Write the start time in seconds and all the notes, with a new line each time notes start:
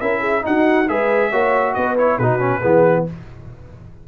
0.00 C#4 E4 A#4 E5
0.20 G#4
0.41 D#4 F#4 F#5
0.88 G#3 G#4 B4 E5
1.30 A#3 F#4 C#5
1.74 B3 B4 D#5
1.97 E4 C#5
2.18 B2 D#4 F#4 B4
2.39 C#4
2.60 E3 B3 G#4